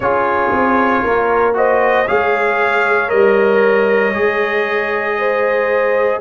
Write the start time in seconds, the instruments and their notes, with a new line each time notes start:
0.00 tuba C#4, trombone F4, horn G#4, trumpet C#5
0.51 tuba C4
1.04 tuba A#3, horn A#4
1.53 trombone F#4, horn C5, trumpet D#5
2.07 tuba G#3, trombone G#4, horn C#5, trumpet F5
3.08 tuba G3, trombone A#4, trumpet D#5
4.13 tuba G#3, trombone G#4
5.17 horn C5